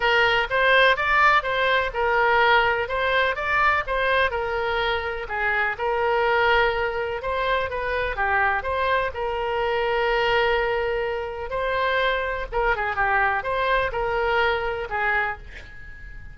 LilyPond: \new Staff \with { instrumentName = "oboe" } { \time 4/4 \tempo 4 = 125 ais'4 c''4 d''4 c''4 | ais'2 c''4 d''4 | c''4 ais'2 gis'4 | ais'2. c''4 |
b'4 g'4 c''4 ais'4~ | ais'1 | c''2 ais'8 gis'8 g'4 | c''4 ais'2 gis'4 | }